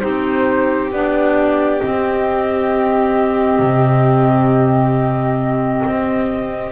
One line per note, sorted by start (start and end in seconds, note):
0.00 0.92 C4
0.00 0.90 D#4
0.00 6.72 G4
0.00 0.90 C5
0.92 1.82 B3
0.92 1.80 D4
0.92 1.80 D5
1.80 6.72 C4
1.80 3.59 C4
1.80 6.72 D#5
3.59 5.83 C3
5.87 6.72 C4